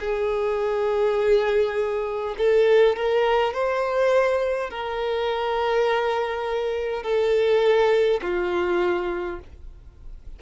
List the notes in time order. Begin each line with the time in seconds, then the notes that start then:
0.00 G#4
2.37 A4
2.96 A#4
3.53 C5
4.70 A#4
7.03 A4
8.22 F4